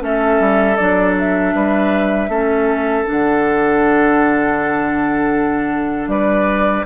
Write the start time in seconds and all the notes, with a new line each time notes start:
0.00 A3 C#4 A4 E5
0.40 G3
0.76 F#3 D4 D5
1.19 E5
1.54 G3 B4
2.29 A3 C#4 A4
3.05 D3 D4 F#5
6.07 G3 B4 D5